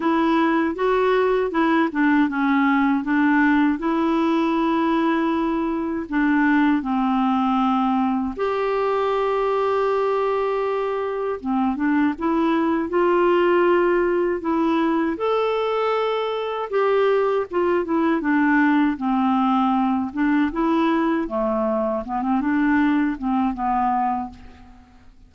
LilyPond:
\new Staff \with { instrumentName = "clarinet" } { \time 4/4 \tempo 4 = 79 e'4 fis'4 e'8 d'8 cis'4 | d'4 e'2. | d'4 c'2 g'4~ | g'2. c'8 d'8 |
e'4 f'2 e'4 | a'2 g'4 f'8 e'8 | d'4 c'4. d'8 e'4 | a4 b16 c'16 d'4 c'8 b4 | }